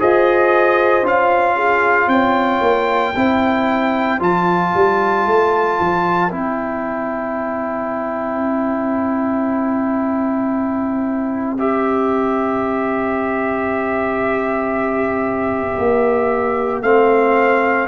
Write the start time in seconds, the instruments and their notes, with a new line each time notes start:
0.00 tuba F4, trombone G#4, horn C5, trumpet D#5
1.03 tuba C#4, trombone F4, trumpet F5
1.56 horn G#4
2.08 tuba C4, horn C#5, trumpet G5
2.61 tuba A#3
3.16 tuba C4, trombone E4, horn C5
4.20 tuba F3, trombone F4, trumpet A5
4.75 tuba G3
5.26 tuba A3
5.80 tuba F3
6.31 tuba C4, trombone E4, trumpet G5
11.59 trombone G4, trumpet E5
15.79 tuba A#3
16.82 tuba A3, trombone C4, trumpet F5